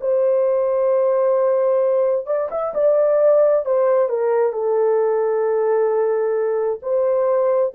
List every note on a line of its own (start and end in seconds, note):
0.00 2.26 C5
2.26 2.49 D5
2.51 2.74 E5
2.74 3.65 D5
3.65 4.08 C5
4.08 4.52 A#4
4.52 6.79 A4
6.82 7.73 C5